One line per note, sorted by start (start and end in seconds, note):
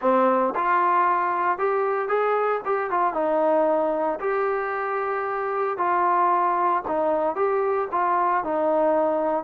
0.01 0.54 C4
0.55 1.58 F4
1.58 2.08 G4
2.08 2.61 G#4
2.65 2.90 G4
2.90 3.13 F4
3.13 4.19 D#4
4.20 5.77 G4
5.77 6.83 F4
6.87 7.35 D#4
7.35 7.88 G4
7.91 8.43 F4
8.43 9.44 D#4